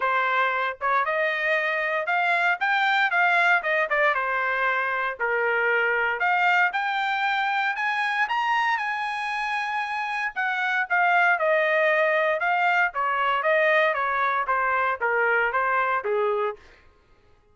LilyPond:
\new Staff \with { instrumentName = "trumpet" } { \time 4/4 \tempo 4 = 116 c''4. cis''8 dis''2 | f''4 g''4 f''4 dis''8 d''8 | c''2 ais'2 | f''4 g''2 gis''4 |
ais''4 gis''2. | fis''4 f''4 dis''2 | f''4 cis''4 dis''4 cis''4 | c''4 ais'4 c''4 gis'4 | }